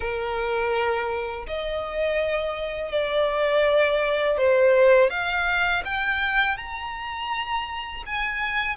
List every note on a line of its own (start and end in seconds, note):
0.00 1.46 A#4
1.46 2.91 D#5
2.91 4.37 D5
4.37 5.10 C5
5.10 5.83 F5
5.84 6.57 G5
6.57 8.03 A#5
8.06 8.76 G#5